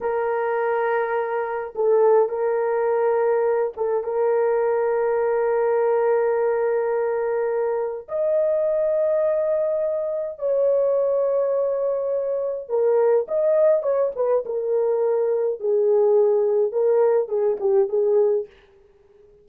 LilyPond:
\new Staff \with { instrumentName = "horn" } { \time 4/4 \tempo 4 = 104 ais'2. a'4 | ais'2~ ais'8 a'8 ais'4~ | ais'1~ | ais'2 dis''2~ |
dis''2 cis''2~ | cis''2 ais'4 dis''4 | cis''8 b'8 ais'2 gis'4~ | gis'4 ais'4 gis'8 g'8 gis'4 | }